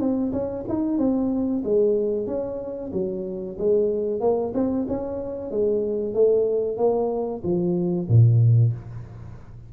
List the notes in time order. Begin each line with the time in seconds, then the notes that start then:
0.00 C4
0.33 C#4
0.68 D#4
0.98 C4
1.65 G#3
2.27 C#4
2.93 F#3
3.59 G#3
4.21 A#3
4.54 C4
4.88 C#4
5.51 G#3
6.14 A3
6.77 A#3
7.44 F3
8.09 A#2